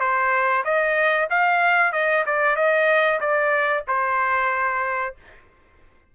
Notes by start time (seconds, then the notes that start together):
0.00 C5
0.64 D#5
1.30 F5
1.92 D#5
2.26 D5
2.56 D#5
3.20 D5
3.88 C5